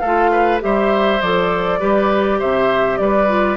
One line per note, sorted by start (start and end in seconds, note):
0.00 0.62 A3
0.00 0.31 A4
0.00 0.59 F5
0.06 0.60 F4
0.32 0.62 B4
0.60 1.22 G3
0.60 1.20 G4
0.60 1.80 C5
0.60 1.22 E5
1.22 1.81 F3
1.22 1.80 A4
1.22 2.40 D5
1.80 2.41 G3
1.80 3.29 G4
1.80 2.39 B4
2.39 3.00 C3
2.39 2.99 C5
2.39 2.98 E5
2.98 3.57 G3
2.98 3.57 B4
2.98 3.57 D5
3.29 3.57 F4